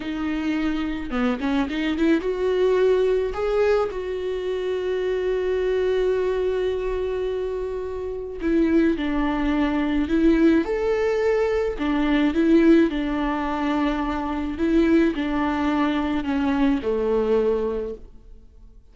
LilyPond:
\new Staff \with { instrumentName = "viola" } { \time 4/4 \tempo 4 = 107 dis'2 b8 cis'8 dis'8 e'8 | fis'2 gis'4 fis'4~ | fis'1~ | fis'2. e'4 |
d'2 e'4 a'4~ | a'4 d'4 e'4 d'4~ | d'2 e'4 d'4~ | d'4 cis'4 a2 | }